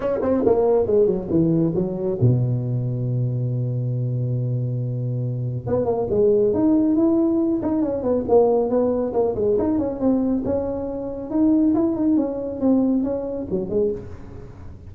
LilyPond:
\new Staff \with { instrumentName = "tuba" } { \time 4/4 \tempo 4 = 138 cis'8 c'8 ais4 gis8 fis8 e4 | fis4 b,2.~ | b,1~ | b,4 b8 ais8 gis4 dis'4 |
e'4. dis'8 cis'8 b8 ais4 | b4 ais8 gis8 dis'8 cis'8 c'4 | cis'2 dis'4 e'8 dis'8 | cis'4 c'4 cis'4 fis8 gis8 | }